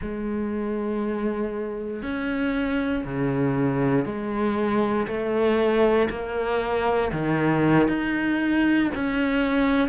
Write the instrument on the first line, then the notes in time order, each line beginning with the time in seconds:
cello
0.01 G#3
2.02 C#4
3.05 C#3
4.04 G#3
5.07 A3
6.10 A#3
7.12 D#3
7.88 D#4
8.94 C#4